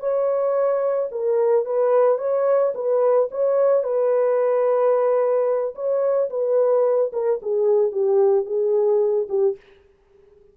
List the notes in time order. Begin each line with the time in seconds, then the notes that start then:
0.00 C#5
1.12 A#4
1.65 B4
2.18 C#5
2.75 B4
3.31 C#5
3.84 B4
5.75 C#5
6.30 B4
7.13 A#4
7.42 G#4
7.92 G4
8.46 G#4
9.29 G4